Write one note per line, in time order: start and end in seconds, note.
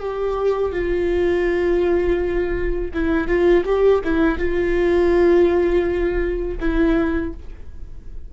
0.00 0.72 G4
0.72 2.92 F4
2.94 3.28 E4
3.28 3.64 F4
3.65 4.02 G4
4.04 4.39 E4
4.39 6.58 F4
6.60 7.33 E4